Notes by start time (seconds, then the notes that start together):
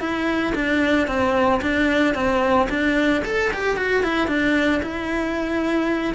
0.00 E4
0.55 D4
1.07 C4
1.61 D4
2.14 C4
2.69 D4
3.25 A4
3.53 G4
3.77 F#4
4.03 E4
4.28 D4
4.83 E4